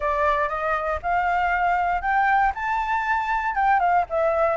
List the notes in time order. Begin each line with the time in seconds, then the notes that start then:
0.00 D5
0.49 D#5
1.02 F5
2.01 G5
2.54 A5
3.55 G5
3.79 F5
4.09 E5